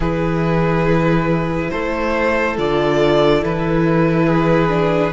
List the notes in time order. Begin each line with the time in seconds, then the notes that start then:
0.00 E3 E4 G#4 B4
1.70 A3 A4 C5
2.57 D3 F4 D5
3.42 E3 E4 B4
4.27 G#4
4.68 D4